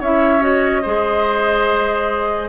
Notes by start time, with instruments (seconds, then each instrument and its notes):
0.00 bassoon C#4, clarinet E4, oboe C#5, flute E5
0.41 clarinet F#4, flute D#5
0.82 bassoon G#3, clarinet G#4, oboe C5